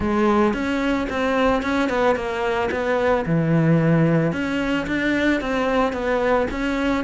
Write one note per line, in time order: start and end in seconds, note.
0.00 0.53 G#3
0.53 1.07 C#4
1.09 1.62 C4
1.62 1.89 C#4
1.89 2.15 B3
2.15 2.69 A#3
2.71 3.25 B3
3.26 4.32 E3
4.32 4.86 C#4
4.86 5.41 D4
5.41 5.92 C4
5.92 6.46 B3
6.50 7.04 C#4